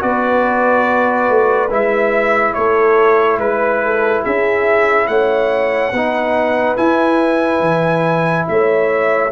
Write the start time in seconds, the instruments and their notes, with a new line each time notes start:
0.00 tuba B3, trombone F#4, horn B4, trumpet D5
1.30 tuba A3
1.71 tuba G#3, trombone E4, trumpet E5
2.54 tuba A3, horn A4, trumpet C#5
3.38 tuba G#3, trumpet B4, horn B4
3.84 horn A4
4.23 tuba C#4, horn G#4, trumpet E5
5.08 tuba A3, horn C#5, trumpet F#5
5.93 tuba B3, trombone D#4, horn B4
6.77 trombone E4, tuba E4, trumpet G#5
7.61 tuba E3
8.48 tuba A3, horn C#5, trumpet E5